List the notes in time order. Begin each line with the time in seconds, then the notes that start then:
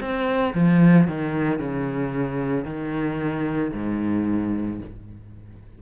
0.00 C4
0.54 F3
1.07 D#3
1.59 C#3
2.64 D#3
3.73 G#2